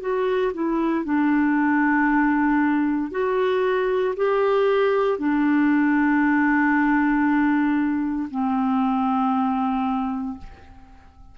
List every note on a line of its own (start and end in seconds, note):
0.00 0.52 F#4
0.53 1.04 E4
1.04 3.11 D4
3.11 4.14 F#4
4.16 5.18 G4
5.18 8.29 D4
8.30 10.37 C4